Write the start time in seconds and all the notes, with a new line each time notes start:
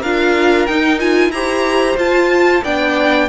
0.00 D4 F4 A#4 F5
0.66 D#4 G5
0.99 F4 G#5
1.29 E4 G4 C5 A#5
1.97 F4 A5
2.64 B3 D4 D5 G5